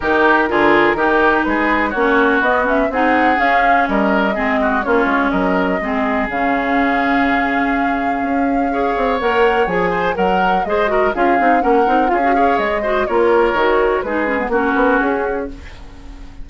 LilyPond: <<
  \new Staff \with { instrumentName = "flute" } { \time 4/4 \tempo 4 = 124 ais'2. b'4 | cis''4 dis''8 e''8 fis''4 f''4 | dis''2 cis''4 dis''4~ | dis''4 f''2.~ |
f''2. fis''4 | gis''4 fis''4 dis''4 f''4 | fis''4 f''4 dis''4 cis''4~ | cis''4 b'4 ais'4 gis'4 | }
  \new Staff \with { instrumentName = "oboe" } { \time 4/4 g'4 gis'4 g'4 gis'4 | fis'2 gis'2 | ais'4 gis'8 fis'8 f'4 ais'4 | gis'1~ |
gis'2 cis''2~ | cis''8 c''8 ais'4 c''8 ais'8 gis'4 | ais'4 gis'8 cis''4 c''8 ais'4~ | ais'4 gis'4 fis'2 | }
  \new Staff \with { instrumentName = "clarinet" } { \time 4/4 dis'4 f'4 dis'2 | cis'4 b8 cis'8 dis'4 cis'4~ | cis'4 c'4 cis'2 | c'4 cis'2.~ |
cis'2 gis'4 ais'4 | gis'4 ais'4 gis'8 fis'8 f'8 dis'8 | cis'8 dis'8 f'16 fis'16 gis'4 fis'8 f'4 | fis'4 dis'8 cis'16 b16 cis'2 | }
  \new Staff \with { instrumentName = "bassoon" } { \time 4/4 dis4 d4 dis4 gis4 | ais4 b4 c'4 cis'4 | g4 gis4 ais8 gis8 fis4 | gis4 cis2.~ |
cis4 cis'4. c'8 ais4 | f4 fis4 gis4 cis'8 c'8 | ais8 c'8 cis'4 gis4 ais4 | dis4 gis4 ais8 b8 cis'4 | }
>>